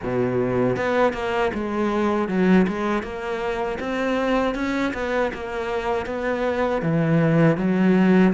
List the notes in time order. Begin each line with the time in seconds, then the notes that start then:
0.02 B2
0.76 B3
1.13 A#3
1.54 G#3
2.28 F#3
2.67 G#3
3.02 A#3
3.79 C4
4.54 C#4
4.93 B3
5.33 A#3
6.06 B3
6.81 E3
7.57 F#3